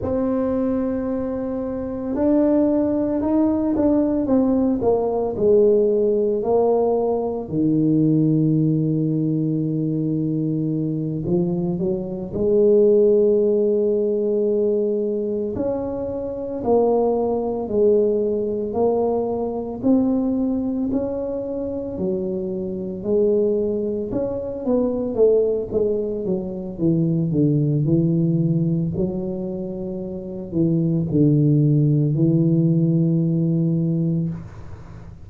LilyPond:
\new Staff \with { instrumentName = "tuba" } { \time 4/4 \tempo 4 = 56 c'2 d'4 dis'8 d'8 | c'8 ais8 gis4 ais4 dis4~ | dis2~ dis8 f8 fis8 gis8~ | gis2~ gis8 cis'4 ais8~ |
ais8 gis4 ais4 c'4 cis'8~ | cis'8 fis4 gis4 cis'8 b8 a8 | gis8 fis8 e8 d8 e4 fis4~ | fis8 e8 d4 e2 | }